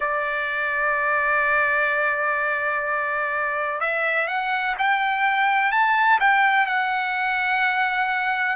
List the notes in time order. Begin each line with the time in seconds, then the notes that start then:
0.00 D5
3.80 E5
4.27 F#5
4.78 G5
5.71 A5
6.19 G5
6.66 F#5